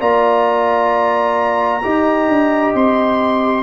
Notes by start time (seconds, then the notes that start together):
0.00 A#3 F4 D5 A#5
1.83 D#4 G4 D#5
2.28 D4
2.74 C4 C6